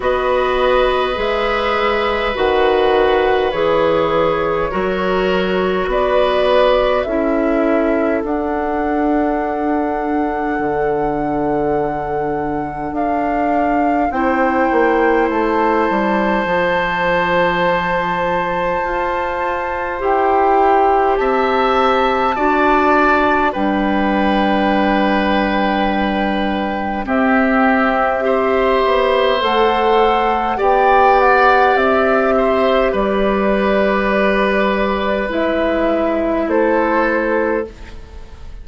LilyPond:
<<
  \new Staff \with { instrumentName = "flute" } { \time 4/4 \tempo 4 = 51 dis''4 e''4 fis''4 cis''4~ | cis''4 d''4 e''4 fis''4~ | fis''2. f''4 | g''4 a''2.~ |
a''4 g''4 a''2 | g''2. e''4~ | e''4 fis''4 g''8 fis''8 e''4 | d''2 e''4 c''4 | }
  \new Staff \with { instrumentName = "oboe" } { \time 4/4 b'1 | ais'4 b'4 a'2~ | a'1 | c''1~ |
c''2 e''4 d''4 | b'2. g'4 | c''2 d''4. c''8 | b'2. a'4 | }
  \new Staff \with { instrumentName = "clarinet" } { \time 4/4 fis'4 gis'4 fis'4 gis'4 | fis'2 e'4 d'4~ | d'1 | e'2 f'2~ |
f'4 g'2 fis'4 | d'2. c'4 | g'4 a'4 g'2~ | g'2 e'2 | }
  \new Staff \with { instrumentName = "bassoon" } { \time 4/4 b4 gis4 dis4 e4 | fis4 b4 cis'4 d'4~ | d'4 d2 d'4 | c'8 ais8 a8 g8 f2 |
f'4 e'4 c'4 d'4 | g2. c'4~ | c'8 b8 a4 b4 c'4 | g2 gis4 a4 | }
>>